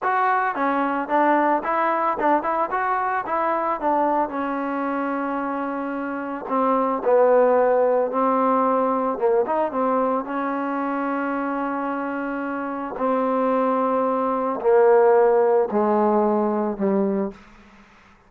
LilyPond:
\new Staff \with { instrumentName = "trombone" } { \time 4/4 \tempo 4 = 111 fis'4 cis'4 d'4 e'4 | d'8 e'8 fis'4 e'4 d'4 | cis'1 | c'4 b2 c'4~ |
c'4 ais8 dis'8 c'4 cis'4~ | cis'1 | c'2. ais4~ | ais4 gis2 g4 | }